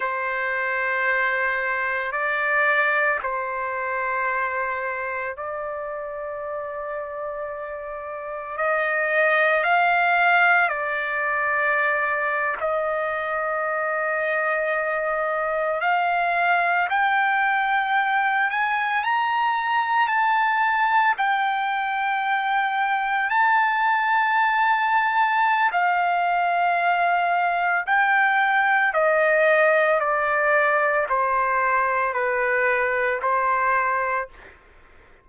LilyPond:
\new Staff \with { instrumentName = "trumpet" } { \time 4/4 \tempo 4 = 56 c''2 d''4 c''4~ | c''4 d''2. | dis''4 f''4 d''4.~ d''16 dis''16~ | dis''2~ dis''8. f''4 g''16~ |
g''4~ g''16 gis''8 ais''4 a''4 g''16~ | g''4.~ g''16 a''2~ a''16 | f''2 g''4 dis''4 | d''4 c''4 b'4 c''4 | }